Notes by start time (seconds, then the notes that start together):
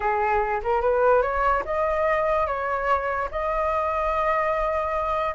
0.00 G#4
0.63 A#4
0.81 B4
1.22 C#5
1.65 D#5
2.46 C#5
3.31 D#5